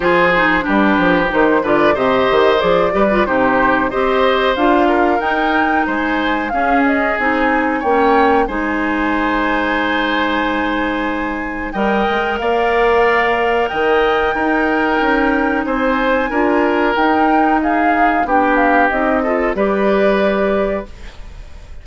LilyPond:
<<
  \new Staff \with { instrumentName = "flute" } { \time 4/4 \tempo 4 = 92 c''4 b'4 c''8 d''8 dis''4 | d''4 c''4 dis''4 f''4 | g''4 gis''4 f''8 dis''8 gis''4 | g''4 gis''2.~ |
gis''2 g''4 f''4~ | f''4 g''2. | gis''2 g''4 f''4 | g''8 f''8 dis''4 d''2 | }
  \new Staff \with { instrumentName = "oboe" } { \time 4/4 gis'4 g'4. b'8 c''4~ | c''8 b'8 g'4 c''4. ais'8~ | ais'4 c''4 gis'2 | cis''4 c''2.~ |
c''2 dis''4 d''4~ | d''4 dis''4 ais'2 | c''4 ais'2 gis'4 | g'4. a'8 b'2 | }
  \new Staff \with { instrumentName = "clarinet" } { \time 4/4 f'8 dis'8 d'4 dis'8 f'8 g'4 | gis'8 g'16 f'16 dis'4 g'4 f'4 | dis'2 cis'4 dis'4 | cis'4 dis'2.~ |
dis'2 ais'2~ | ais'2 dis'2~ | dis'4 f'4 dis'2 | d'4 dis'8 f'8 g'2 | }
  \new Staff \with { instrumentName = "bassoon" } { \time 4/4 f4 g8 f8 dis8 d8 c8 dis8 | f8 g8 c4 c'4 d'4 | dis'4 gis4 cis'4 c'4 | ais4 gis2.~ |
gis2 g8 gis8 ais4~ | ais4 dis4 dis'4 cis'4 | c'4 d'4 dis'2 | b4 c'4 g2 | }
>>